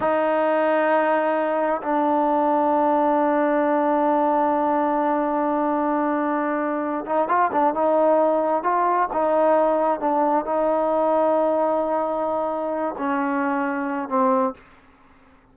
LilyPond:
\new Staff \with { instrumentName = "trombone" } { \time 4/4 \tempo 4 = 132 dis'1 | d'1~ | d'1~ | d'2.~ d'8 dis'8 |
f'8 d'8 dis'2 f'4 | dis'2 d'4 dis'4~ | dis'1~ | dis'8 cis'2~ cis'8 c'4 | }